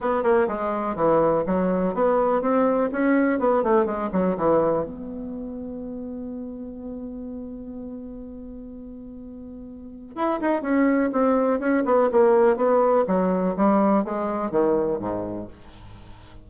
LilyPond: \new Staff \with { instrumentName = "bassoon" } { \time 4/4 \tempo 4 = 124 b8 ais8 gis4 e4 fis4 | b4 c'4 cis'4 b8 a8 | gis8 fis8 e4 b2~ | b1~ |
b1~ | b4 e'8 dis'8 cis'4 c'4 | cis'8 b8 ais4 b4 fis4 | g4 gis4 dis4 gis,4 | }